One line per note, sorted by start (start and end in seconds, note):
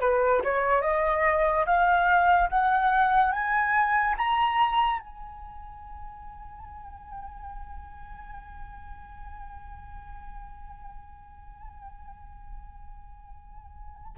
0.00 0.42 B4
0.44 0.81 C#5
0.81 1.65 D#5
1.66 2.49 F5
2.50 3.32 F#5
3.32 4.15 G#5
4.18 5.00 A#5
5.00 14.16 G#5